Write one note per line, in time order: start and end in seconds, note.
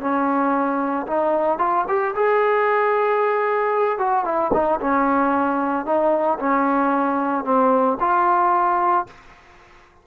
0.00 1.06 C#4
1.07 1.58 D#4
1.58 1.85 F4
1.88 2.14 G4
2.15 3.98 G#4
3.98 4.24 F#4
4.24 4.51 E4
4.53 4.79 D#4
4.80 5.85 C#4
5.85 6.38 D#4
6.39 7.44 C#4
7.44 7.97 C4
8.00 9.06 F4